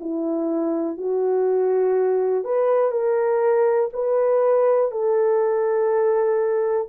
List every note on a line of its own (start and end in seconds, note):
0.00 0.97 E4
0.97 2.44 F#4
2.44 2.91 B4
2.91 3.89 A#4
3.93 4.91 B4
4.91 6.88 A4